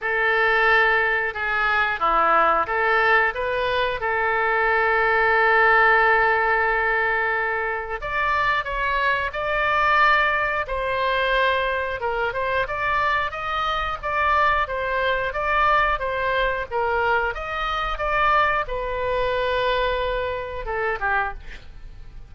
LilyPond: \new Staff \with { instrumentName = "oboe" } { \time 4/4 \tempo 4 = 90 a'2 gis'4 e'4 | a'4 b'4 a'2~ | a'1 | d''4 cis''4 d''2 |
c''2 ais'8 c''8 d''4 | dis''4 d''4 c''4 d''4 | c''4 ais'4 dis''4 d''4 | b'2. a'8 g'8 | }